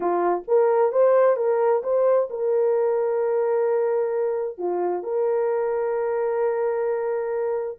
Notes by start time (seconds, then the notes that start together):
0.00 F4
0.47 A#4
0.92 C5
1.36 A#4
1.83 C5
2.30 A#4
4.58 F4
5.03 A#4